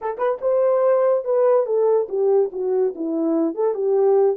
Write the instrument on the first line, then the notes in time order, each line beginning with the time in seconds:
horn
0.01 A4
0.18 B4
0.41 C5
1.24 B4
1.66 A4
2.09 G4
2.52 F#4
2.95 E4
3.54 A4
3.74 G4